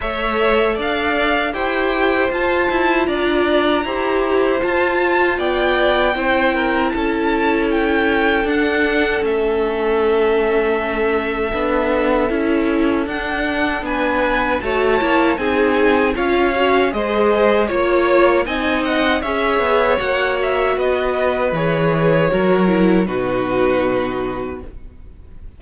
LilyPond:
<<
  \new Staff \with { instrumentName = "violin" } { \time 4/4 \tempo 4 = 78 e''4 f''4 g''4 a''4 | ais''2 a''4 g''4~ | g''4 a''4 g''4 fis''4 | e''1~ |
e''4 fis''4 gis''4 a''4 | gis''4 f''4 dis''4 cis''4 | gis''8 fis''8 e''4 fis''8 e''8 dis''4 | cis''2 b'2 | }
  \new Staff \with { instrumentName = "violin" } { \time 4/4 cis''4 d''4 c''2 | d''4 c''2 d''4 | c''8 ais'8 a'2.~ | a'1~ |
a'2 b'4 cis''4 | gis'4 cis''4 c''4 cis''4 | dis''4 cis''2 b'4~ | b'4 ais'4 fis'2 | }
  \new Staff \with { instrumentName = "viola" } { \time 4/4 a'2 g'4 f'4~ | f'4 g'4 f'2 | e'2. d'4 | cis'2. d'4 |
e'4 d'2 fis'8 e'8 | dis'4 f'8 fis'8 gis'4 f'4 | dis'4 gis'4 fis'2 | gis'4 fis'8 e'8 dis'2 | }
  \new Staff \with { instrumentName = "cello" } { \time 4/4 a4 d'4 e'4 f'8 e'8 | d'4 e'4 f'4 b4 | c'4 cis'2 d'4 | a2. b4 |
cis'4 d'4 b4 a8 ais8 | c'4 cis'4 gis4 ais4 | c'4 cis'8 b8 ais4 b4 | e4 fis4 b,2 | }
>>